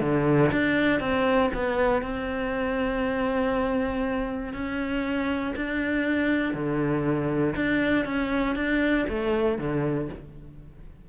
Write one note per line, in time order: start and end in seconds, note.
0.00 0.50 D3
0.52 1.00 D4
1.00 1.50 C4
1.54 2.02 B3
2.02 4.53 C4
4.53 5.53 C#4
5.56 6.53 D4
6.53 7.54 D3
7.55 8.05 D4
8.05 8.55 C#4
8.55 9.06 D4
9.08 9.58 A3
9.58 10.09 D3